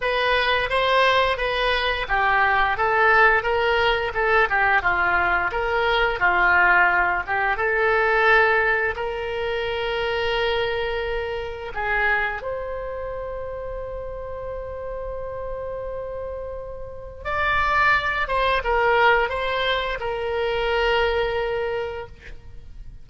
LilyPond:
\new Staff \with { instrumentName = "oboe" } { \time 4/4 \tempo 4 = 87 b'4 c''4 b'4 g'4 | a'4 ais'4 a'8 g'8 f'4 | ais'4 f'4. g'8 a'4~ | a'4 ais'2.~ |
ais'4 gis'4 c''2~ | c''1~ | c''4 d''4. c''8 ais'4 | c''4 ais'2. | }